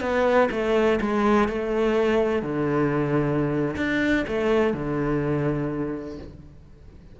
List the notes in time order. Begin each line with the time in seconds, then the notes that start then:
0.00 B3
0.51 A3
1.01 G#3
1.48 A3
2.42 D3
3.76 D4
4.27 A3
4.73 D3